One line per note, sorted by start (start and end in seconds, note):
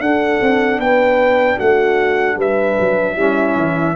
0.00 0.39 D4
0.00 3.17 D4
0.00 0.81 A4
0.00 0.80 F#5
0.41 0.78 C4
0.78 1.57 B3
0.78 1.56 B4
0.78 1.59 G5
1.56 2.36 A3
1.56 2.35 F#4
1.56 2.38 F#5
2.36 2.76 G3
2.36 3.14 B4
2.36 3.95 E5
2.79 3.16 F#3
3.14 3.56 G3
3.14 3.95 C#4
3.14 3.93 E4
3.56 3.95 E3